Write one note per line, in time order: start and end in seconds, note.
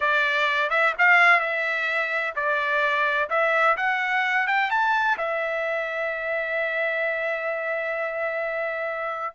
0.00 0.70 D5
0.70 0.93 E5
0.98 1.40 F5
1.40 2.34 E5
2.35 3.29 D5
3.29 3.76 E5
3.76 4.47 F#5
4.47 4.70 G5
4.70 5.17 A5
5.17 9.35 E5